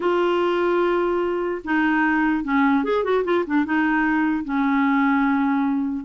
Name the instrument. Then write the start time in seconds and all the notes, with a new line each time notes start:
clarinet
0.00 F4
1.64 D#4
2.43 C#4
2.83 G#4
3.04 F#4
3.24 F4
3.46 D4
3.65 D#4
4.44 C#4